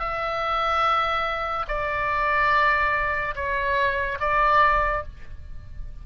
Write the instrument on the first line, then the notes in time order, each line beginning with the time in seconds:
oboe
0.00 E5
1.69 D5
3.36 C#5
4.20 D5